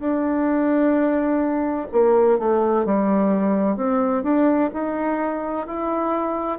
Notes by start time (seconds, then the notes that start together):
0.00 D4
1.93 A#3
2.39 A3
2.86 G3
3.77 C4
4.24 D4
4.74 D#4
5.67 E4